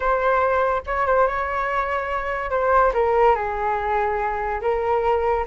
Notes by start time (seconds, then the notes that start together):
0.00 C5
0.86 C#5
1.06 C5
1.27 C#5
2.50 C5
2.93 A#4
3.35 G#4
4.61 A#4